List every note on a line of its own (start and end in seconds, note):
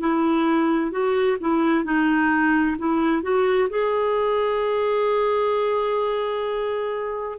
0.00 0.91 E4
0.91 1.37 F#4
1.40 1.84 E4
1.84 2.77 D#4
2.78 3.23 E4
3.23 3.69 F#4
3.70 7.38 G#4